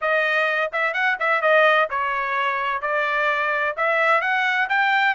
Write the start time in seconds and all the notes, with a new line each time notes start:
0.01 D#5
0.72 E5
0.93 F#5
1.19 E5
1.41 D#5
1.89 C#5
2.81 D5
3.76 E5
4.21 F#5
4.69 G5